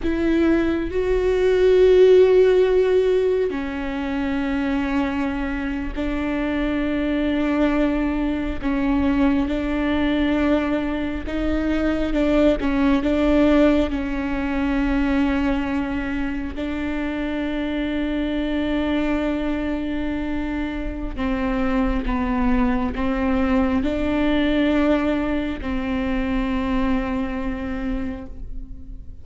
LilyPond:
\new Staff \with { instrumentName = "viola" } { \time 4/4 \tempo 4 = 68 e'4 fis'2. | cis'2~ cis'8. d'4~ d'16~ | d'4.~ d'16 cis'4 d'4~ d'16~ | d'8. dis'4 d'8 cis'8 d'4 cis'16~ |
cis'2~ cis'8. d'4~ d'16~ | d'1 | c'4 b4 c'4 d'4~ | d'4 c'2. | }